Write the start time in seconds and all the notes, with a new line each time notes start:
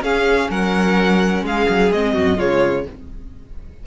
0.00 C#4 G#4 F5
0.49 F#3 A#4 F#5
1.42 G#3 G#4 F5
1.69 F#3
1.91 G#3 C4 D#5
2.13 F#2 F#4
2.37 C#3 G#3 F4 C#5